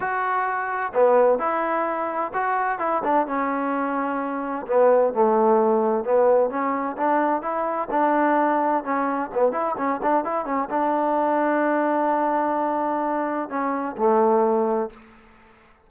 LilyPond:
\new Staff \with { instrumentName = "trombone" } { \time 4/4 \tempo 4 = 129 fis'2 b4 e'4~ | e'4 fis'4 e'8 d'8 cis'4~ | cis'2 b4 a4~ | a4 b4 cis'4 d'4 |
e'4 d'2 cis'4 | b8 e'8 cis'8 d'8 e'8 cis'8 d'4~ | d'1~ | d'4 cis'4 a2 | }